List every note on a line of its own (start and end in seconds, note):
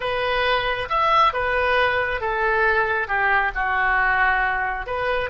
0.00 0.88 B4
0.89 1.33 E5
1.33 2.20 B4
2.20 3.07 A4
3.07 3.51 G4
3.54 4.86 F#4
4.86 5.30 B4